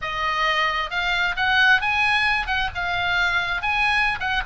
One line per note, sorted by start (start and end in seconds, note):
0.01 0.90 D#5
0.90 1.35 F5
1.36 1.81 F#5
1.81 2.46 G#5
2.46 2.69 F#5
2.74 3.62 F5
3.62 4.18 G#5
4.20 4.42 F#5